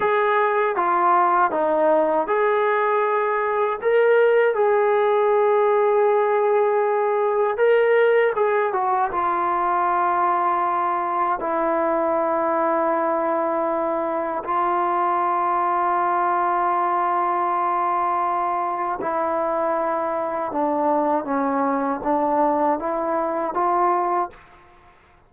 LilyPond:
\new Staff \with { instrumentName = "trombone" } { \time 4/4 \tempo 4 = 79 gis'4 f'4 dis'4 gis'4~ | gis'4 ais'4 gis'2~ | gis'2 ais'4 gis'8 fis'8 | f'2. e'4~ |
e'2. f'4~ | f'1~ | f'4 e'2 d'4 | cis'4 d'4 e'4 f'4 | }